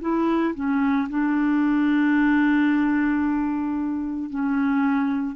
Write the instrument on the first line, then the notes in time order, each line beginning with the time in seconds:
clarinet
0.00 E4
0.55 C#4
1.09 D4
4.30 C#4